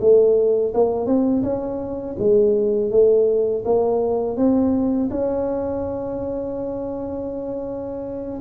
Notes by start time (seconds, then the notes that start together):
0.00 A3
0.74 A#3
1.06 C4
1.43 C#4
2.19 G#3
2.90 A3
3.65 A#3
4.36 C4
5.10 C#4